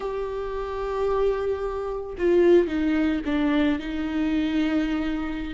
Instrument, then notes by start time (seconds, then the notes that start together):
viola
0.00 G4
2.18 F4
2.67 D#4
3.25 D4
3.79 D#4